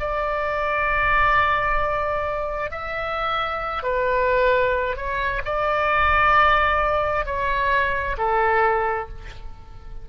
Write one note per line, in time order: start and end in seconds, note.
0.00 2.71 D5
2.71 3.83 E5
3.83 4.97 B4
4.97 5.42 C#5
5.45 7.26 D5
7.26 8.17 C#5
8.18 9.09 A4